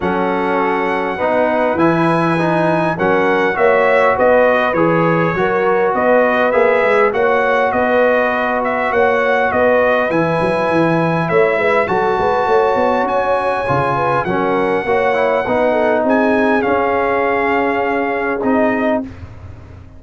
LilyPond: <<
  \new Staff \with { instrumentName = "trumpet" } { \time 4/4 \tempo 4 = 101 fis''2. gis''4~ | gis''4 fis''4 e''4 dis''4 | cis''2 dis''4 e''4 | fis''4 dis''4. e''8 fis''4 |
dis''4 gis''2 e''4 | a''2 gis''2 | fis''2. gis''4 | f''2. dis''4 | }
  \new Staff \with { instrumentName = "horn" } { \time 4/4 a'2 b'2~ | b'4 ais'4 cis''4 b'4~ | b'4 ais'4 b'2 | cis''4 b'2 cis''4 |
b'2. cis''8 b'8 | a'8 b'8 cis''2~ cis''8 b'8 | ais'4 cis''4 b'8 a'8 gis'4~ | gis'1 | }
  \new Staff \with { instrumentName = "trombone" } { \time 4/4 cis'2 dis'4 e'4 | dis'4 cis'4 fis'2 | gis'4 fis'2 gis'4 | fis'1~ |
fis'4 e'2. | fis'2. f'4 | cis'4 fis'8 e'8 dis'2 | cis'2. dis'4 | }
  \new Staff \with { instrumentName = "tuba" } { \time 4/4 fis2 b4 e4~ | e4 fis4 ais4 b4 | e4 fis4 b4 ais8 gis8 | ais4 b2 ais4 |
b4 e8 fis8 e4 a8 gis8 | fis8 gis8 a8 b8 cis'4 cis4 | fis4 ais4 b4 c'4 | cis'2. c'4 | }
>>